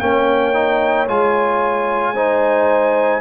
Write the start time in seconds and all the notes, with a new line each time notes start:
0.00 A#3 C#4 C#5 G5
0.54 D#4
1.08 G#3 F4 G#5
2.15 D#4 C5